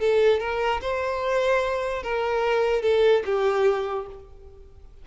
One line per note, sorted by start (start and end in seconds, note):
0.00 0.40 A4
0.40 0.81 A#4
0.81 2.03 C5
2.03 2.82 A#4
2.82 3.23 A4
3.25 4.07 G4